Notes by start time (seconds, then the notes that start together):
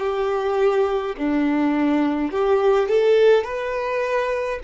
0.00 G4
1.18 D4
2.31 G4
2.89 A4
3.44 B4